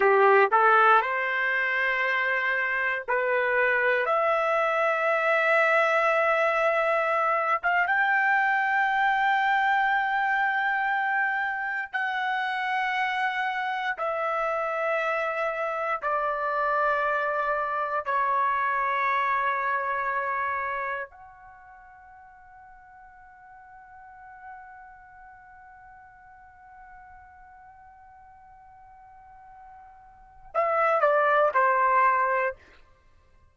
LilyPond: \new Staff \with { instrumentName = "trumpet" } { \time 4/4 \tempo 4 = 59 g'8 a'8 c''2 b'4 | e''2.~ e''8 f''16 g''16~ | g''2.~ g''8. fis''16~ | fis''4.~ fis''16 e''2 d''16~ |
d''4.~ d''16 cis''2~ cis''16~ | cis''8. fis''2.~ fis''16~ | fis''1~ | fis''2 e''8 d''8 c''4 | }